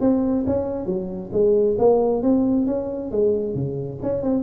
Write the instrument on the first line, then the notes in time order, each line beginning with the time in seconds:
tuba
0.00 C4
0.46 C#4
0.86 F#3
1.32 G#3
1.78 A#3
2.22 C4
2.66 C#4
3.11 G#3
3.54 C#3
4.02 C#4
4.22 C4